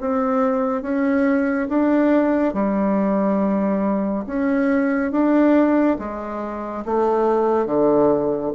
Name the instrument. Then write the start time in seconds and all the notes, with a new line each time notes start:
bassoon
0.00 C4
0.82 C#4
1.69 D4
2.54 G3
4.26 C#4
5.11 D4
5.98 G#3
6.85 A3
7.66 D3